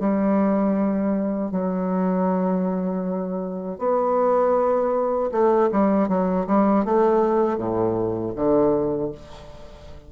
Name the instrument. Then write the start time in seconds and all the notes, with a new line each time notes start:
bassoon
0.00 G3
1.52 F#3
3.79 B3
5.32 A3
5.72 G3
6.09 F#3
6.47 G3
6.85 A3
7.58 A2
8.36 D3